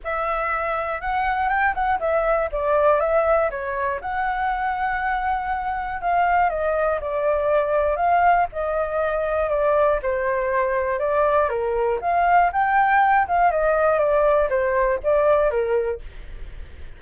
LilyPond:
\new Staff \with { instrumentName = "flute" } { \time 4/4 \tempo 4 = 120 e''2 fis''4 g''8 fis''8 | e''4 d''4 e''4 cis''4 | fis''1 | f''4 dis''4 d''2 |
f''4 dis''2 d''4 | c''2 d''4 ais'4 | f''4 g''4. f''8 dis''4 | d''4 c''4 d''4 ais'4 | }